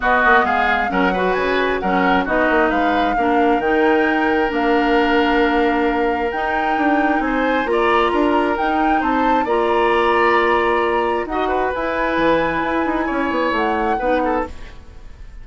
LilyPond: <<
  \new Staff \with { instrumentName = "flute" } { \time 4/4 \tempo 4 = 133 dis''4 f''4 fis''4 gis''4 | fis''4 dis''4 f''2 | g''2 f''2~ | f''2 g''2 |
gis''4 ais''2 g''4 | a''4 ais''2.~ | ais''4 fis''4 gis''2~ | gis''2 fis''2 | }
  \new Staff \with { instrumentName = "oboe" } { \time 4/4 fis'4 gis'4 ais'8 b'4. | ais'4 fis'4 b'4 ais'4~ | ais'1~ | ais'1 |
c''4 d''4 ais'2 | c''4 d''2.~ | d''4 dis''8 b'2~ b'8~ | b'4 cis''2 b'8 a'8 | }
  \new Staff \with { instrumentName = "clarinet" } { \time 4/4 b2 cis'8 fis'4. | cis'4 dis'2 d'4 | dis'2 d'2~ | d'2 dis'2~ |
dis'4 f'2 dis'4~ | dis'4 f'2.~ | f'4 fis'4 e'2~ | e'2. dis'4 | }
  \new Staff \with { instrumentName = "bassoon" } { \time 4/4 b8 ais8 gis4 fis4 cis4 | fis4 b8 ais8 gis4 ais4 | dis2 ais2~ | ais2 dis'4 d'4 |
c'4 ais4 d'4 dis'4 | c'4 ais2.~ | ais4 dis'4 e'4 e4 | e'8 dis'8 cis'8 b8 a4 b4 | }
>>